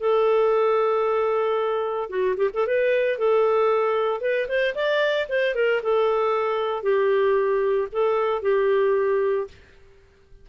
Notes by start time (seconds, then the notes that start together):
0.00 A4
2.10 F#4
2.37 G4
2.54 A4
2.67 B4
3.19 A4
4.21 B4
4.49 C5
4.75 D5
5.29 C5
5.55 A#4
5.83 A4
6.83 G4
7.92 A4
8.43 G4